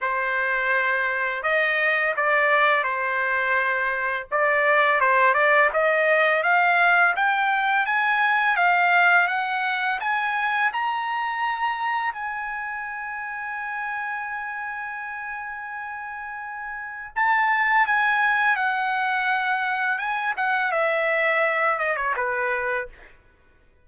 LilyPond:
\new Staff \with { instrumentName = "trumpet" } { \time 4/4 \tempo 4 = 84 c''2 dis''4 d''4 | c''2 d''4 c''8 d''8 | dis''4 f''4 g''4 gis''4 | f''4 fis''4 gis''4 ais''4~ |
ais''4 gis''2.~ | gis''1 | a''4 gis''4 fis''2 | gis''8 fis''8 e''4. dis''16 cis''16 b'4 | }